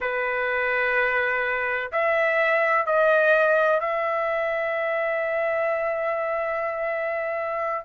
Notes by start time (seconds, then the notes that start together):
0.00 B4
1.92 E5
2.86 D#5
3.80 E5